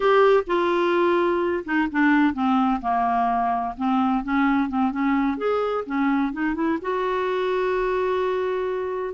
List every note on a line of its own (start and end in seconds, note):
0.00 0.43 G4
0.47 1.64 F4
1.64 1.88 D#4
1.91 2.33 D4
2.33 2.80 C4
2.81 3.74 A#3
3.77 4.23 C4
4.23 4.69 C#4
4.69 4.91 C4
4.91 5.37 C#4
5.37 5.84 G#4
5.86 6.32 C#4
6.32 6.55 D#4
6.55 6.78 E4
6.81 9.13 F#4